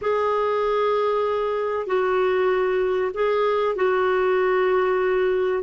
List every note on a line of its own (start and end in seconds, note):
0.01 1.86 G#4
1.86 3.11 F#4
3.13 3.75 G#4
3.75 5.62 F#4